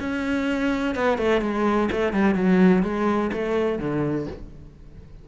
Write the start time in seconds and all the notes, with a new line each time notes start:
0.00 C#4
0.95 B3
1.18 A3
1.41 G#3
1.92 A3
2.13 G3
2.35 F#3
2.83 G#3
3.33 A3
3.79 D3